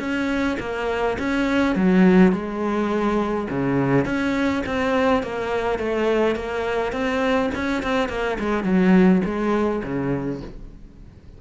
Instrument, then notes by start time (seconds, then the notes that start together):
cello
0.00 C#4
0.60 A#3
1.19 C#4
1.76 F#3
2.33 G#3
3.51 C#3
4.06 C#4
4.67 C4
5.23 A#3
5.79 A3
6.36 A#3
6.93 C4
7.56 C#4
7.83 C4
8.09 A#3
8.40 G#3
8.64 F#3
9.25 G#3
9.84 C#3